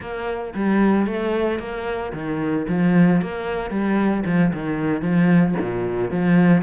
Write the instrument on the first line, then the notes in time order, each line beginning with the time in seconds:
cello
0.00 A#3
0.54 G3
1.06 A3
1.59 A#3
2.13 D#3
2.68 F3
3.21 A#3
3.70 G3
4.25 F3
4.53 D#3
5.01 F3
5.61 A#2
6.11 F3